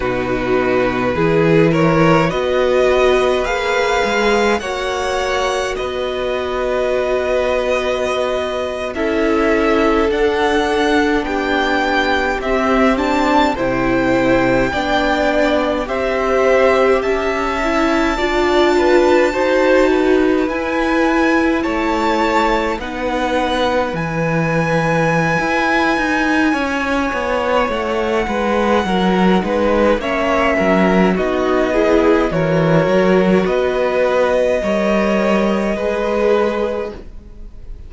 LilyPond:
<<
  \new Staff \with { instrumentName = "violin" } { \time 4/4 \tempo 4 = 52 b'4. cis''8 dis''4 f''4 | fis''4 dis''2~ dis''8. e''16~ | e''8. fis''4 g''4 e''8 a''8 g''16~ | g''4.~ g''16 e''4 a''4~ a''16~ |
a''4.~ a''16 gis''4 a''4 fis''16~ | fis''8. gis''2.~ gis''16 | fis''2 e''4 dis''4 | cis''4 dis''2. | }
  \new Staff \with { instrumentName = "violin" } { \time 4/4 fis'4 gis'8 ais'8 b'2 | cis''4 b'2~ b'8. a'16~ | a'4.~ a'16 g'2 c''16~ | c''8. d''4 c''4 e''4 d''16~ |
d''16 b'8 c''8 b'4. cis''4 b'16~ | b'2. cis''4~ | cis''8 b'8 ais'8 b'8 cis''8 ais'8 fis'8 gis'8 | ais'4 b'4 cis''4 b'4 | }
  \new Staff \with { instrumentName = "viola" } { \time 4/4 dis'4 e'4 fis'4 gis'4 | fis'2.~ fis'8. e'16~ | e'8. d'2 c'8 d'8 e'16~ | e'8. d'4 g'4. e'8 f'16~ |
f'8. fis'4 e'2 dis'16~ | dis'8. e'2.~ e'16~ | e'4. dis'8 cis'4 dis'8 e'8 | fis'2 ais'4 gis'4 | }
  \new Staff \with { instrumentName = "cello" } { \time 4/4 b,4 e4 b4 ais8 gis8 | ais4 b2~ b8. cis'16~ | cis'8. d'4 b4 c'4 c16~ | c8. b4 c'4 cis'4 d'16~ |
d'8. dis'4 e'4 a4 b16~ | b8. e4~ e16 e'8 dis'8 cis'8 b8 | a8 gis8 fis8 gis8 ais8 fis8 b4 | e8 fis8 b4 g4 gis4 | }
>>